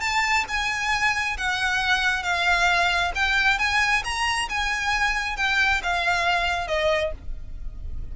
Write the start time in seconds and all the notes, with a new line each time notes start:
0.00 A5
0.48 G#5
1.37 F#5
2.23 F5
3.15 G5
3.58 G#5
4.04 A#5
4.49 G#5
5.37 G5
5.83 F5
6.67 D#5